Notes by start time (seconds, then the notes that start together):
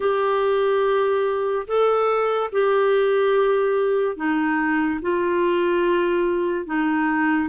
0.00 G4
1.67 A4
2.52 G4
4.16 D#4
5.01 F4
6.66 D#4